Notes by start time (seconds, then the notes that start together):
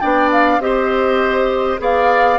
0.00 B3 D4 D5 G5
0.32 F5
0.59 C4 G4 D#5
0.65 C5
1.79 B3 G#4 D5 F5